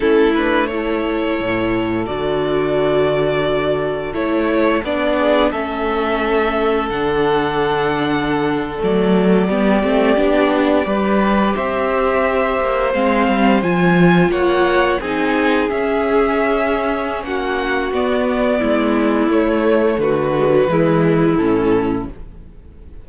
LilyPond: <<
  \new Staff \with { instrumentName = "violin" } { \time 4/4 \tempo 4 = 87 a'8 b'8 cis''2 d''4~ | d''2 cis''4 d''4 | e''2 fis''2~ | fis''8. d''2.~ d''16~ |
d''8. e''2 f''4 gis''16~ | gis''8. fis''4 gis''4 e''4~ e''16~ | e''4 fis''4 d''2 | cis''4 b'2 a'4 | }
  \new Staff \with { instrumentName = "violin" } { \time 4/4 e'4 a'2.~ | a'2.~ a'8 gis'8 | a'1~ | a'4.~ a'16 g'2 b'16~ |
b'8. c''2.~ c''16~ | c''8. cis''4 gis'2~ gis'16~ | gis'4 fis'2 e'4~ | e'4 fis'4 e'2 | }
  \new Staff \with { instrumentName = "viola" } { \time 4/4 cis'8 d'8 e'2 fis'4~ | fis'2 e'4 d'4 | cis'2 d'2~ | d'8. a4 b8 c'8 d'4 g'16~ |
g'2~ g'8. c'4 f'16~ | f'4.~ f'16 dis'4 cis'4~ cis'16~ | cis'2 b2 | a4. gis16 fis16 gis4 cis'4 | }
  \new Staff \with { instrumentName = "cello" } { \time 4/4 a2 a,4 d4~ | d2 a4 b4 | a2 d2~ | d8. fis4 g8 a8 b4 g16~ |
g8. c'4. ais8 gis8 g8 f16~ | f8. ais4 c'4 cis'4~ cis'16~ | cis'4 ais4 b4 gis4 | a4 d4 e4 a,4 | }
>>